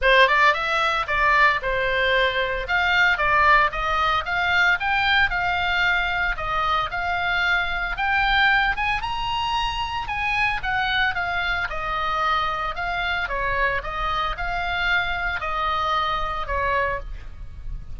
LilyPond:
\new Staff \with { instrumentName = "oboe" } { \time 4/4 \tempo 4 = 113 c''8 d''8 e''4 d''4 c''4~ | c''4 f''4 d''4 dis''4 | f''4 g''4 f''2 | dis''4 f''2 g''4~ |
g''8 gis''8 ais''2 gis''4 | fis''4 f''4 dis''2 | f''4 cis''4 dis''4 f''4~ | f''4 dis''2 cis''4 | }